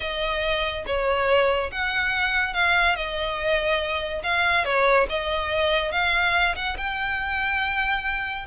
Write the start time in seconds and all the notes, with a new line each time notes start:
0.00 D#5
0.86 C#5
1.71 F#5
2.53 F5
2.95 D#5
4.23 F5
4.64 C#5
5.09 D#5
5.91 F5
6.55 F#5
6.77 G5